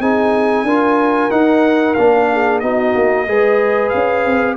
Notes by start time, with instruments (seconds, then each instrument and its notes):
0.00 tuba C4, trombone D#4, horn G#4, trumpet G#5
0.63 tuba D4, trombone F4, horn A#4
1.31 trombone D#4, tuba D#4, trumpet F#5
1.94 tuba A#3, trombone D4, trumpet F5
2.32 horn G#4
2.60 tuba B3, trombone D#4, horn F#4, trumpet D#5
2.95 tuba A#3
3.27 tuba G#3, trombone G#4, horn B4
3.90 tuba C#4, trumpet F5
4.26 tuba C4